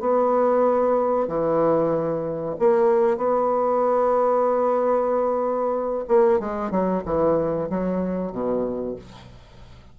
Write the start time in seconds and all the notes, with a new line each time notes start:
0.00 B3
1.28 E3
2.59 A#3
3.17 B3
6.08 A#3
6.40 G#3
6.71 F#3
7.05 E3
7.69 F#3
8.32 B2